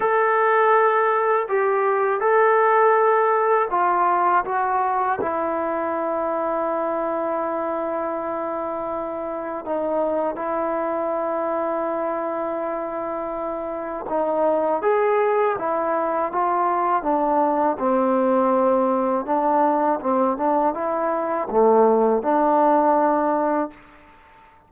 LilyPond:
\new Staff \with { instrumentName = "trombone" } { \time 4/4 \tempo 4 = 81 a'2 g'4 a'4~ | a'4 f'4 fis'4 e'4~ | e'1~ | e'4 dis'4 e'2~ |
e'2. dis'4 | gis'4 e'4 f'4 d'4 | c'2 d'4 c'8 d'8 | e'4 a4 d'2 | }